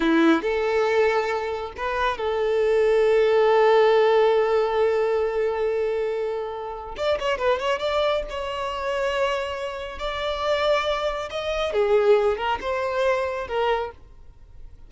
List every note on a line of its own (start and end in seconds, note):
0.00 0.42 E4
0.42 1.72 A4
1.76 2.17 B4
2.17 6.95 A4
6.96 7.18 D5
7.19 7.38 C#5
7.38 7.59 B4
7.59 7.79 C#5
7.79 8.23 D5
8.29 9.98 C#5
9.98 11.29 D5
11.30 11.73 D#5
11.73 12.37 G#4
12.37 12.58 A#4
12.60 13.47 C5
13.47 13.91 A#4